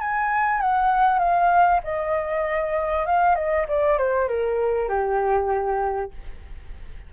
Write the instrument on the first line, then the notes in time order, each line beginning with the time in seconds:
flute
0.00 G#5
0.61 F#5
1.19 F5
1.84 D#5
3.06 F5
3.35 D#5
3.68 D5
3.98 C5
4.28 A#4
4.89 G4